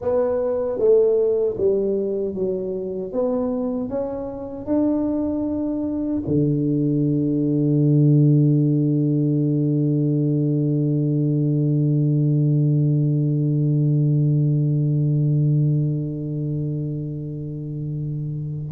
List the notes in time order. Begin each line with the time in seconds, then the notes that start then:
0.01 B3
0.78 A3
1.57 G3
2.34 F#3
3.12 B3
3.89 C#4
4.65 D4
6.27 D3